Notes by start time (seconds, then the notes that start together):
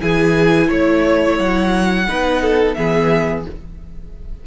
0.00 E3 E4 G#4 G#5
0.67 A3 C#5
1.39 F#3 F#5
2.07 B3 D#4 B4
2.42 A4
2.74 E3 B3 G#4 E5